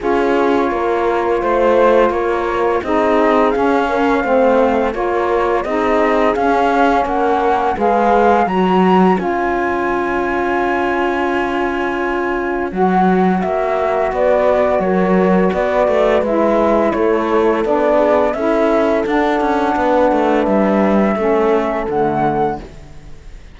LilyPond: <<
  \new Staff \with { instrumentName = "flute" } { \time 4/4 \tempo 4 = 85 cis''2 c''4 cis''4 | dis''4 f''2 cis''4 | dis''4 f''4 fis''4 f''4 | ais''4 gis''2.~ |
gis''2 fis''4 e''4 | d''4 cis''4 d''4 e''4 | cis''4 d''4 e''4 fis''4~ | fis''4 e''2 fis''4 | }
  \new Staff \with { instrumentName = "horn" } { \time 4/4 gis'4 ais'4 c''4 ais'4 | gis'4. ais'8 c''4 ais'4 | gis'2 ais'4 b'4 | cis''1~ |
cis''1 | b'4 ais'4 b'2 | a'4. gis'8 a'2 | b'2 a'2 | }
  \new Staff \with { instrumentName = "saxophone" } { \time 4/4 f'1 | dis'4 cis'4 c'4 f'4 | dis'4 cis'2 gis'4 | fis'4 f'2.~ |
f'2 fis'2~ | fis'2. e'4~ | e'4 d'4 e'4 d'4~ | d'2 cis'4 a4 | }
  \new Staff \with { instrumentName = "cello" } { \time 4/4 cis'4 ais4 a4 ais4 | c'4 cis'4 a4 ais4 | c'4 cis'4 ais4 gis4 | fis4 cis'2.~ |
cis'2 fis4 ais4 | b4 fis4 b8 a8 gis4 | a4 b4 cis'4 d'8 cis'8 | b8 a8 g4 a4 d4 | }
>>